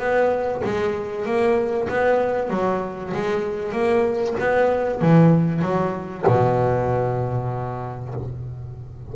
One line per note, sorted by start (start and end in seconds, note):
0.00 0.62 B3
0.65 1.26 G#3
1.26 1.89 A#3
1.89 2.51 B3
2.51 3.13 F#3
3.14 3.73 G#3
3.73 4.35 A#3
4.41 5.02 B3
5.02 5.62 E3
5.62 6.25 F#3
6.27 8.15 B2